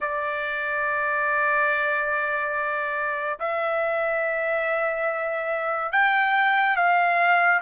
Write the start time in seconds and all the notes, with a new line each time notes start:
0.00 D5
3.39 E5
5.92 G5
6.76 F5